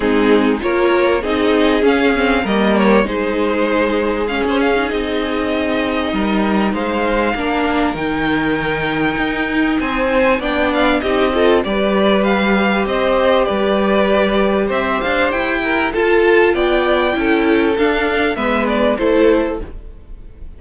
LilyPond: <<
  \new Staff \with { instrumentName = "violin" } { \time 4/4 \tempo 4 = 98 gis'4 cis''4 dis''4 f''4 | dis''8 cis''8 c''2 f''16 c''16 f''8 | dis''2. f''4~ | f''4 g''2. |
gis''4 g''8 f''8 dis''4 d''4 | f''4 dis''4 d''2 | e''8 f''8 g''4 a''4 g''4~ | g''4 f''4 e''8 d''8 c''4 | }
  \new Staff \with { instrumentName = "violin" } { \time 4/4 dis'4 ais'4 gis'2 | ais'4 gis'2.~ | gis'2 ais'4 c''4 | ais'1 |
c''4 d''4 g'8 a'8 b'4~ | b'4 c''4 b'2 | c''4. ais'8 a'4 d''4 | a'2 b'4 a'4 | }
  \new Staff \with { instrumentName = "viola" } { \time 4/4 c'4 f'4 dis'4 cis'8 c'8 | ais4 dis'2 cis'8. dis'16~ | dis'1 | d'4 dis'2.~ |
dis'4 d'4 dis'8 f'8 g'4~ | g'1~ | g'2 f'2 | e'4 d'4 b4 e'4 | }
  \new Staff \with { instrumentName = "cello" } { \time 4/4 gis4 ais4 c'4 cis'4 | g4 gis2~ gis16 cis'8. | c'2 g4 gis4 | ais4 dis2 dis'4 |
c'4 b4 c'4 g4~ | g4 c'4 g2 | c'8 d'8 e'4 f'4 b4 | cis'4 d'4 gis4 a4 | }
>>